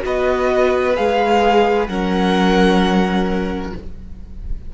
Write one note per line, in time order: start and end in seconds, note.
0.00 0.97 B3
0.00 0.92 F#4
0.00 1.89 B4
0.00 0.95 D#5
0.95 1.88 G#3
0.95 1.88 G#4
0.95 1.87 F5
1.87 3.72 F#3
1.87 3.73 C#4
1.87 3.74 A#4
1.87 3.72 F#5